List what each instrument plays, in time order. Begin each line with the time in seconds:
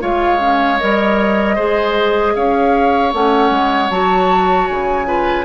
0.00 bassoon G#3, clarinet F4, oboe C#5, flute F5
0.39 clarinet C#4
0.79 bassoon G3, clarinet A#4, flute D#5
1.55 bassoon G#3, clarinet G#4, oboe C5
2.35 bassoon C#4, oboe C#5, flute F5
3.12 bassoon A3, clarinet C#4, flute F#5
3.51 bassoon G#3
3.90 bassoon F#3, clarinet F#4, flute A5
4.68 bassoon C#3, flute G#5
5.06 clarinet F4, oboe B4